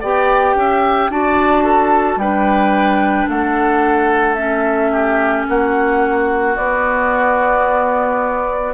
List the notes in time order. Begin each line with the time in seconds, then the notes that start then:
0.00 B3 G4 D5 G5
0.55 C#4 E5
1.09 D4 F#4 D5 A5
1.63 A4
2.16 G3 D4 B4 G5
3.28 A3 A4 F#5
4.34 C#4 E5
4.92 G4
5.48 A#3 F#4 F#5
6.56 B3 D5